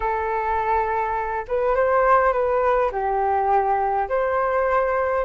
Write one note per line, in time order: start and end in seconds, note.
0.00 1.45 A4
1.48 1.75 B4
1.75 2.32 C5
2.32 2.90 B4
2.91 4.08 G4
4.09 5.24 C5